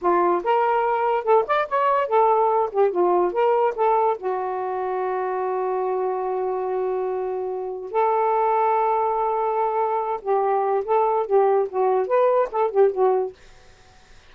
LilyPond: \new Staff \with { instrumentName = "saxophone" } { \time 4/4 \tempo 4 = 144 f'4 ais'2 a'8 d''8 | cis''4 a'4. g'8 f'4 | ais'4 a'4 fis'2~ | fis'1~ |
fis'2. a'4~ | a'1~ | a'8 g'4. a'4 g'4 | fis'4 b'4 a'8 g'8 fis'4 | }